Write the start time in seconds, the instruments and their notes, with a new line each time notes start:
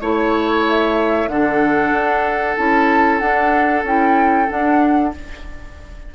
0.00 bassoon A3, clarinet E4, flute C#5, oboe C#5
0.69 flute E5
1.27 bassoon D3, clarinet D4, oboe A4, flute F#5
1.92 bassoon D4
2.56 bassoon C#4, clarinet E4, flute A5
3.19 clarinet D4, bassoon D4, flute F#5
3.83 bassoon C#4, clarinet E4, flute G5
4.47 clarinet D4, bassoon D4, flute F#5